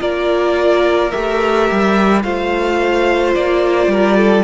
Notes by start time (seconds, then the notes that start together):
0.00 A#3 F4 A#4 D5
1.12 A3 G4 E5
1.72 G3
2.23 A3 F4 C5 F5
3.34 A#3 D5
3.87 G3 A#4
4.18 A4